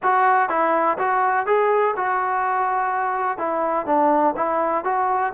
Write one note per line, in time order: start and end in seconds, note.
0.02 0.49 F#4
0.49 0.97 E4
0.98 1.46 F#4
1.46 1.94 G#4
1.96 3.38 F#4
3.38 3.86 E4
3.86 4.34 D4
4.36 4.84 E4
4.84 5.32 F#4